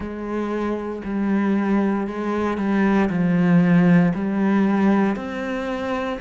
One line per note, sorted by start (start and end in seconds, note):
0.00 1.02 G#3
1.04 2.07 G3
2.07 2.57 G#3
2.57 3.09 G3
3.09 4.12 F3
4.14 5.15 G3
5.15 6.19 C4